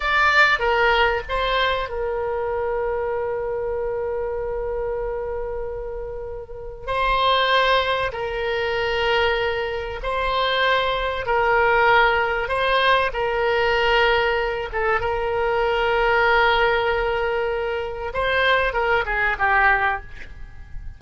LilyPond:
\new Staff \with { instrumentName = "oboe" } { \time 4/4 \tempo 4 = 96 d''4 ais'4 c''4 ais'4~ | ais'1~ | ais'2. c''4~ | c''4 ais'2. |
c''2 ais'2 | c''4 ais'2~ ais'8 a'8 | ais'1~ | ais'4 c''4 ais'8 gis'8 g'4 | }